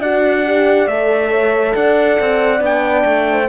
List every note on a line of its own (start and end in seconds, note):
0.00 0.87 D4
0.00 0.46 F#4
0.00 1.31 D5
0.00 0.87 F#5
0.46 0.89 G4
0.87 1.74 A3
0.87 2.59 A4
0.87 1.74 E5
1.31 1.74 C#5
1.75 2.19 D4
1.75 3.27 D5
1.75 2.62 F#5
2.20 2.61 C4
2.59 3.04 B3
2.59 3.45 D4
2.65 3.49 G5
3.05 3.48 A3
3.31 3.49 C5